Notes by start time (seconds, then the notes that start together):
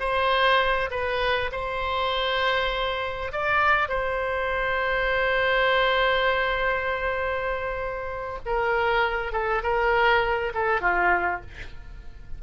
0.00 C5
0.91 B4
1.52 C5
3.32 D5
3.89 C5
8.46 A#4
9.32 A4
9.63 A#4
10.55 A4
10.81 F4